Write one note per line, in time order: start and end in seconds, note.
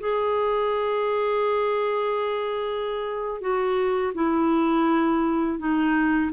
0.00 3.41 G#4
3.41 4.13 F#4
4.15 5.59 E4
5.59 6.32 D#4